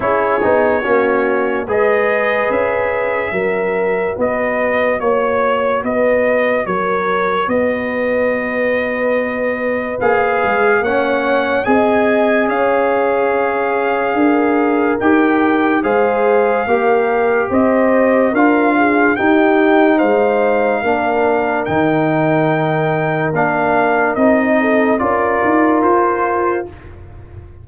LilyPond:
<<
  \new Staff \with { instrumentName = "trumpet" } { \time 4/4 \tempo 4 = 72 cis''2 dis''4 e''4~ | e''4 dis''4 cis''4 dis''4 | cis''4 dis''2. | f''4 fis''4 gis''4 f''4~ |
f''2 g''4 f''4~ | f''4 dis''4 f''4 g''4 | f''2 g''2 | f''4 dis''4 d''4 c''4 | }
  \new Staff \with { instrumentName = "horn" } { \time 4/4 gis'4 fis'4 b'2 | ais'4 b'4 cis''4 b'4 | ais'4 b'2.~ | b'4 cis''4 dis''4 cis''4~ |
cis''4 ais'2 c''4 | ais'4 c''4 ais'8 gis'8 g'4 | c''4 ais'2.~ | ais'4. a'8 ais'2 | }
  \new Staff \with { instrumentName = "trombone" } { \time 4/4 e'8 dis'8 cis'4 gis'2 | fis'1~ | fis'1 | gis'4 cis'4 gis'2~ |
gis'2 g'4 gis'4 | g'2 f'4 dis'4~ | dis'4 d'4 dis'2 | d'4 dis'4 f'2 | }
  \new Staff \with { instrumentName = "tuba" } { \time 4/4 cis'8 b8 ais4 gis4 cis'4 | fis4 b4 ais4 b4 | fis4 b2. | ais8 gis8 ais4 c'4 cis'4~ |
cis'4 d'4 dis'4 gis4 | ais4 c'4 d'4 dis'4 | gis4 ais4 dis2 | ais4 c'4 cis'8 dis'8 f'4 | }
>>